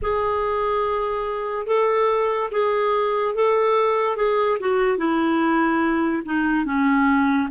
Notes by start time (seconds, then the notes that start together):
0.02 G#4
1.66 A4
2.51 G#4
3.34 A4
4.16 G#4
4.60 F#4
4.97 E4
6.25 D#4
6.65 C#4